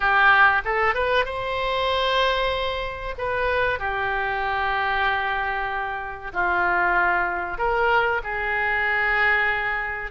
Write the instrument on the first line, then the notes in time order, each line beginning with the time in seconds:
oboe
0.00 G4
0.65 A4
0.94 B4
1.25 C5
3.18 B4
3.79 G4
6.33 F4
7.58 A#4
8.23 G#4